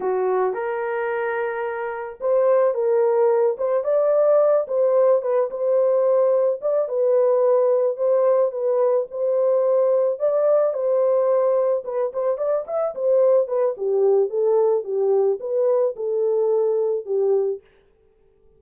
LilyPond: \new Staff \with { instrumentName = "horn" } { \time 4/4 \tempo 4 = 109 fis'4 ais'2. | c''4 ais'4. c''8 d''4~ | d''8 c''4 b'8 c''2 | d''8 b'2 c''4 b'8~ |
b'8 c''2 d''4 c''8~ | c''4. b'8 c''8 d''8 e''8 c''8~ | c''8 b'8 g'4 a'4 g'4 | b'4 a'2 g'4 | }